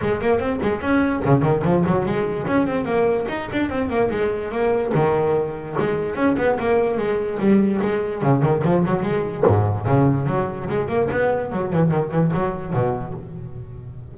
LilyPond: \new Staff \with { instrumentName = "double bass" } { \time 4/4 \tempo 4 = 146 gis8 ais8 c'8 gis8 cis'4 cis8 dis8 | f8 fis8 gis4 cis'8 c'8 ais4 | dis'8 d'8 c'8 ais8 gis4 ais4 | dis2 gis4 cis'8 b8 |
ais4 gis4 g4 gis4 | cis8 dis8 f8 fis8 gis4 gis,4 | cis4 fis4 gis8 ais8 b4 | fis8 e8 dis8 e8 fis4 b,4 | }